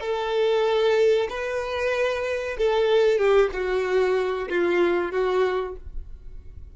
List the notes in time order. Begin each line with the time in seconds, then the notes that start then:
0.00 A4
1.29 B4
2.58 A4
3.18 G4
3.53 F#4
4.49 F4
5.12 F#4